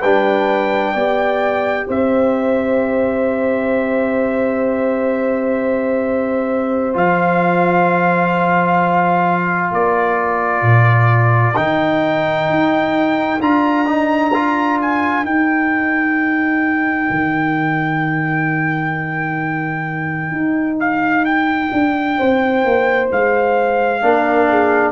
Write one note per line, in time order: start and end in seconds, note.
0.00 0.95 G3
0.00 0.97 D4
0.00 0.92 B4
0.00 1.87 G5
0.93 1.87 B3
0.93 6.94 G4
0.93 1.86 D5
1.87 6.96 C4
1.87 9.71 C5
1.87 6.97 E5
6.94 9.72 F3
6.94 11.55 F4
6.94 9.74 F5
9.71 10.62 A#3
9.71 22.17 A#4
9.71 11.56 D5
10.62 11.54 A#2
11.55 12.49 D#3
11.55 13.39 D#4
11.55 13.41 G5
12.49 13.40 D#4
13.40 15.24 D4
13.40 13.86 F4
13.40 14.80 A#5
13.86 14.32 D#4
14.34 15.26 F4
14.82 15.25 G#5
15.24 17.09 D#4
15.24 24.02 D#4
15.24 20.79 G5
17.11 20.32 D#3
20.32 21.70 D#4
20.81 21.25 F5
21.25 23.10 G5
21.72 22.19 D4
22.18 22.64 C4
22.18 24.03 C5
22.64 23.11 A#3
23.12 24.02 G#3
23.12 24.92 F5
24.02 24.92 A#3
24.02 24.92 D4
24.02 24.50 A#4
24.50 24.92 G#4